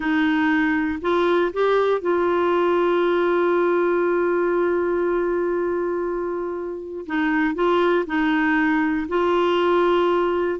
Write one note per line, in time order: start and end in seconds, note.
0.00 0.99 D#4
1.01 1.51 F4
1.53 2.01 G4
2.01 7.05 F4
7.06 7.54 D#4
7.54 8.05 F4
8.06 9.07 D#4
9.08 10.59 F4